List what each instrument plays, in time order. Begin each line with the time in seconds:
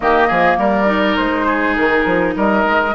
0.00 bassoon D#3, clarinet A#3, oboe G4, flute D#5
0.27 bassoon F3, oboe G#4
0.57 bassoon G3, oboe A#4, flute D5
0.85 clarinet D#4
1.16 bassoon G#3, flute C5
1.46 oboe G#4
1.76 bassoon D#3, flute A#4
2.05 bassoon F3
2.36 bassoon G3, oboe A#4, flute D#5
2.65 bassoon G#3